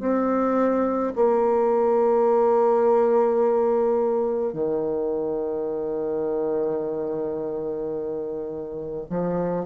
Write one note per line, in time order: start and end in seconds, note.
0.00 1.13 C4
1.15 4.53 A#3
4.53 9.06 D#3
9.10 9.65 F3